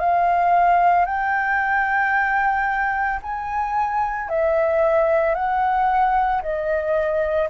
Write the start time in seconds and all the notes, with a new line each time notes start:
0.00 F5
1.06 G5
3.22 G#5
4.29 E5
5.35 F#5
6.42 D#5